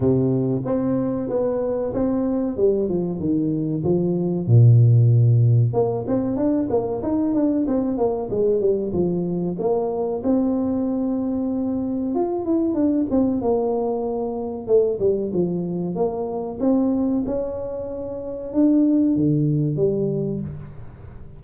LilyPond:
\new Staff \with { instrumentName = "tuba" } { \time 4/4 \tempo 4 = 94 c4 c'4 b4 c'4 | g8 f8 dis4 f4 ais,4~ | ais,4 ais8 c'8 d'8 ais8 dis'8 d'8 | c'8 ais8 gis8 g8 f4 ais4 |
c'2. f'8 e'8 | d'8 c'8 ais2 a8 g8 | f4 ais4 c'4 cis'4~ | cis'4 d'4 d4 g4 | }